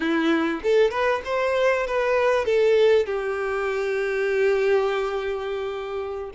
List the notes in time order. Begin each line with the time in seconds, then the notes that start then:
0.00 E4
0.63 A4
0.90 B4
1.25 C5
1.86 B4
2.45 A4
3.05 G4